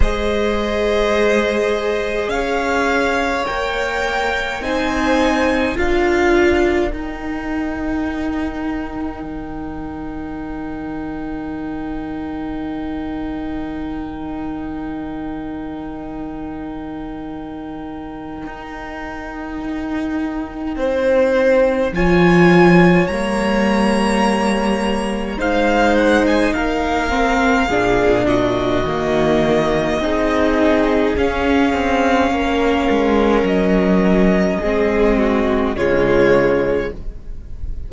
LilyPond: <<
  \new Staff \with { instrumentName = "violin" } { \time 4/4 \tempo 4 = 52 dis''2 f''4 g''4 | gis''4 f''4 g''2~ | g''1~ | g''1~ |
g''2. gis''4 | ais''2 f''8 fis''16 gis''16 f''4~ | f''8 dis''2~ dis''8 f''4~ | f''4 dis''2 cis''4 | }
  \new Staff \with { instrumentName = "violin" } { \time 4/4 c''2 cis''2 | c''4 ais'2.~ | ais'1~ | ais'1~ |
ais'2 c''4 cis''4~ | cis''2 c''4 ais'4 | gis'8 fis'4. gis'2 | ais'2 gis'8 fis'8 f'4 | }
  \new Staff \with { instrumentName = "viola" } { \time 4/4 gis'2. ais'4 | dis'4 f'4 dis'2~ | dis'1~ | dis'1~ |
dis'2. f'4 | ais2 dis'4. c'8 | d'4 ais4 dis'4 cis'4~ | cis'2 c'4 gis4 | }
  \new Staff \with { instrumentName = "cello" } { \time 4/4 gis2 cis'4 ais4 | c'4 d'4 dis'2 | dis1~ | dis1 |
dis'2 c'4 f4 | g2 gis4 ais4 | ais,4 dis4 c'4 cis'8 c'8 | ais8 gis8 fis4 gis4 cis4 | }
>>